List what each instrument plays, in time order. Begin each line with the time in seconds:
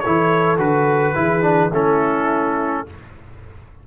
0.00 trombone E4, horn A4, trumpet C#5
0.06 tuba E3
0.58 tuba D3, trombone F#4, trumpet B4
1.14 tuba E3, trombone E4, horn G#4
1.42 trombone D4
1.70 tuba A3, trombone C#4, horn E4, trumpet A4